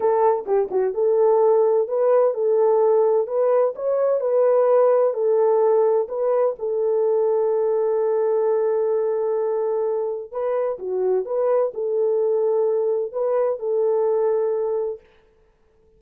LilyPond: \new Staff \with { instrumentName = "horn" } { \time 4/4 \tempo 4 = 128 a'4 g'8 fis'8 a'2 | b'4 a'2 b'4 | cis''4 b'2 a'4~ | a'4 b'4 a'2~ |
a'1~ | a'2 b'4 fis'4 | b'4 a'2. | b'4 a'2. | }